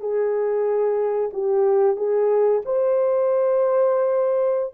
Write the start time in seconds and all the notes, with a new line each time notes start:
0.00 G#4
1.33 G4
1.96 G#4
2.65 C5